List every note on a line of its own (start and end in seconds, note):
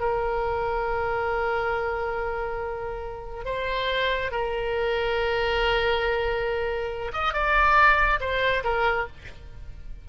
0.00 3.45 A#4
3.45 4.31 C5
4.31 7.12 A#4
7.13 7.34 D#5
7.34 8.20 D5
8.20 8.64 C5
8.64 9.07 A#4